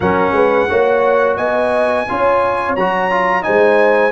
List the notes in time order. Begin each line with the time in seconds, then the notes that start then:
0.00 F#3 C#4 A#4 F#5
0.31 G#3 B4
0.69 A#3 F#4 C#5
1.36 B3 D#5 G#5
2.08 C#4 F4 C#5
2.75 F#3 F#4 A#5
3.10 F4
3.42 G#3 D#4 C5 G#5